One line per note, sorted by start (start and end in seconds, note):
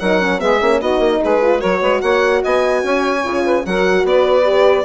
0.00 0.42 F#3
0.00 0.20 D#4
0.00 0.40 A#4
0.00 0.40 F#5
0.20 0.40 C#4
0.40 0.61 G#3
0.40 0.60 B3
0.40 0.79 G#4
0.40 0.81 E5
0.61 0.82 A#3
0.61 0.82 C#4
0.79 0.99 B3
0.79 1.42 D#4
0.79 1.20 F#4
0.79 1.22 D#5
0.99 1.19 A#3
1.21 1.64 G#3
1.21 1.60 G#4
1.21 1.61 B4
1.42 1.59 F4
1.59 1.82 F#3
1.59 3.21 F#4
1.59 1.80 A#4
1.59 2.01 C#5
1.82 2.02 G#3
1.82 2.02 B4
2.02 2.43 A#3
2.02 2.42 C#5
2.02 2.42 F#5
2.43 2.84 B3
2.43 2.84 D#5
2.43 3.66 G#5
2.84 3.24 C#4
2.84 3.45 C#5
3.24 3.66 C#3
3.24 3.64 F4
3.45 3.65 B4
3.66 4.04 F#3
3.66 4.44 F#4
3.66 4.08 A#4
3.66 4.06 F#5
4.04 4.85 B3
4.04 4.85 B4
4.04 4.85 D5
4.44 4.84 G4